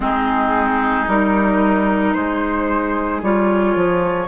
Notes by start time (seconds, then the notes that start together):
0.00 G#3 C4 D#4 G#4
1.07 G3 D#4 A#4
2.13 G#3 G#4 C5
3.22 G3 F4 C#5
3.75 F3